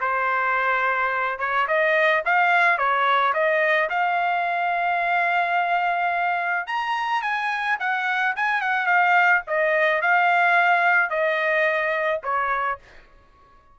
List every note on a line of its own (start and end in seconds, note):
0.00 1.39 C5
1.39 1.66 C#5
1.67 2.23 D#5
2.25 2.78 F5
2.78 3.33 C#5
3.33 3.89 D#5
3.89 6.66 F5
6.66 7.21 A#5
7.21 7.77 G#5
7.79 8.35 F#5
8.35 8.61 G#5
8.61 8.86 F#5
8.86 9.42 F5
9.47 10.01 D#5
10.01 11.10 F5
11.10 12.21 D#5
12.23 12.79 C#5